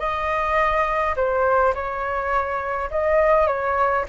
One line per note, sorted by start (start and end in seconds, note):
0.00 1.15 D#5
1.17 1.74 C5
1.75 2.90 C#5
2.91 3.47 D#5
3.47 4.05 C#5